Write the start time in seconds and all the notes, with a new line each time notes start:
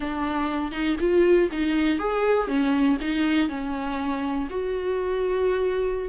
0.00 D4
0.71 D#4
0.99 F4
1.51 D#4
1.98 G#4
2.47 C#4
3.00 D#4
3.48 C#4
4.50 F#4